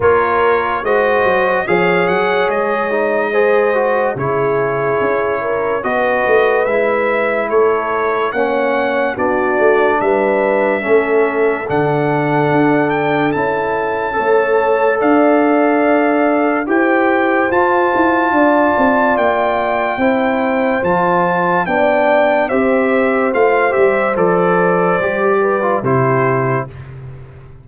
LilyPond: <<
  \new Staff \with { instrumentName = "trumpet" } { \time 4/4 \tempo 4 = 72 cis''4 dis''4 f''8 fis''8 dis''4~ | dis''4 cis''2 dis''4 | e''4 cis''4 fis''4 d''4 | e''2 fis''4. g''8 |
a''2 f''2 | g''4 a''2 g''4~ | g''4 a''4 g''4 e''4 | f''8 e''8 d''2 c''4 | }
  \new Staff \with { instrumentName = "horn" } { \time 4/4 ais'4 c''4 cis''2 | c''4 gis'4. ais'8 b'4~ | b'4 a'4 cis''4 fis'4 | b'4 a'2.~ |
a'4 cis''4 d''2 | c''2 d''2 | c''2 d''4 c''4~ | c''2~ c''8 b'8 g'4 | }
  \new Staff \with { instrumentName = "trombone" } { \time 4/4 f'4 fis'4 gis'4. dis'8 | gis'8 fis'8 e'2 fis'4 | e'2 cis'4 d'4~ | d'4 cis'4 d'2 |
e'4 a'2. | g'4 f'2. | e'4 f'4 d'4 g'4 | f'8 g'8 a'4 g'8. f'16 e'4 | }
  \new Staff \with { instrumentName = "tuba" } { \time 4/4 ais4 gis8 fis8 f8 fis8 gis4~ | gis4 cis4 cis'4 b8 a8 | gis4 a4 ais4 b8 a8 | g4 a4 d4 d'4 |
cis'4 a4 d'2 | e'4 f'8 e'8 d'8 c'8 ais4 | c'4 f4 b4 c'4 | a8 g8 f4 g4 c4 | }
>>